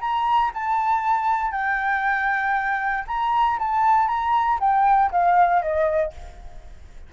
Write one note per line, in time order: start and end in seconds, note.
0.00 0.51 A#5
0.54 1.51 A5
1.51 3.04 G5
3.07 3.58 A#5
3.58 4.07 A5
4.07 4.58 A#5
4.60 5.11 G5
5.11 5.61 F5
5.61 6.12 D#5